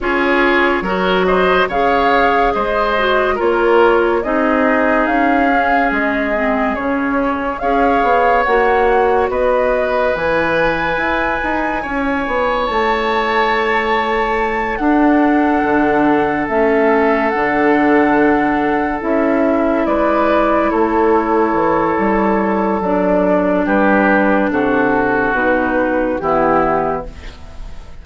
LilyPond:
<<
  \new Staff \with { instrumentName = "flute" } { \time 4/4 \tempo 4 = 71 cis''4. dis''8 f''4 dis''4 | cis''4 dis''4 f''4 dis''4 | cis''4 f''4 fis''4 dis''4 | gis''2. a''4~ |
a''4. fis''2 e''8~ | e''8 fis''2 e''4 d''8~ | d''8 cis''2~ cis''8 d''4 | b'4 a'4 b'4 g'4 | }
  \new Staff \with { instrumentName = "oboe" } { \time 4/4 gis'4 ais'8 c''8 cis''4 c''4 | ais'4 gis'2.~ | gis'4 cis''2 b'4~ | b'2 cis''2~ |
cis''4. a'2~ a'8~ | a'2.~ a'8 b'8~ | b'8 a'2.~ a'8 | g'4 fis'2 e'4 | }
  \new Staff \with { instrumentName = "clarinet" } { \time 4/4 f'4 fis'4 gis'4. fis'8 | f'4 dis'4. cis'4 c'8 | cis'4 gis'4 fis'2 | e'1~ |
e'4. d'2 cis'8~ | cis'8 d'2 e'4.~ | e'2. d'4~ | d'2 dis'4 b4 | }
  \new Staff \with { instrumentName = "bassoon" } { \time 4/4 cis'4 fis4 cis4 gis4 | ais4 c'4 cis'4 gis4 | cis4 cis'8 b8 ais4 b4 | e4 e'8 dis'8 cis'8 b8 a4~ |
a4. d'4 d4 a8~ | a8 d2 cis'4 gis8~ | gis8 a4 e8 g4 fis4 | g4 c4 b,4 e4 | }
>>